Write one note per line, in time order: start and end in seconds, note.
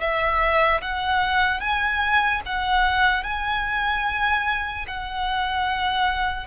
0.00 0.81 E5
0.81 1.60 F#5
1.60 2.41 G#5
2.46 3.24 F#5
3.24 4.86 G#5
4.87 6.46 F#5